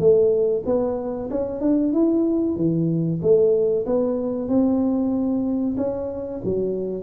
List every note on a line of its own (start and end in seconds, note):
0.00 0.64 A3
0.66 1.30 B3
1.31 1.61 C#4
1.61 1.93 D4
1.93 2.57 E4
2.57 3.21 E3
3.22 3.86 A3
3.86 4.49 B3
4.49 5.76 C4
5.77 6.41 C#4
6.44 7.03 F#3